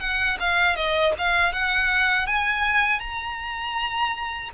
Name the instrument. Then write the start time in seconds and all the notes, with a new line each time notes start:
violin
0.00 F#5
0.40 F5
0.76 D#5
1.18 F5
1.53 F#5
2.26 G#5
3.00 A#5